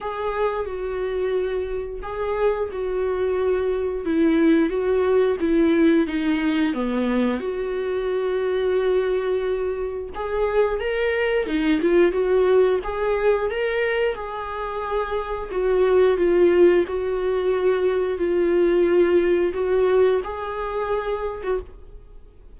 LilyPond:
\new Staff \with { instrumentName = "viola" } { \time 4/4 \tempo 4 = 89 gis'4 fis'2 gis'4 | fis'2 e'4 fis'4 | e'4 dis'4 b4 fis'4~ | fis'2. gis'4 |
ais'4 dis'8 f'8 fis'4 gis'4 | ais'4 gis'2 fis'4 | f'4 fis'2 f'4~ | f'4 fis'4 gis'4.~ gis'16 fis'16 | }